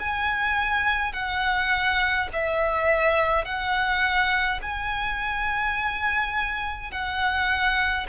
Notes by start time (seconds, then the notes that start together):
0.00 G#5
1.13 F#5
2.33 E5
3.45 F#5
4.62 G#5
6.91 F#5